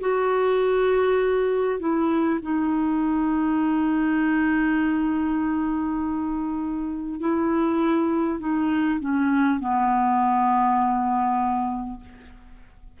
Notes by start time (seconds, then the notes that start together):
0.00 F#4
1.79 E4
2.42 D#4
7.20 E4
8.39 D#4
8.99 C#4
9.60 B3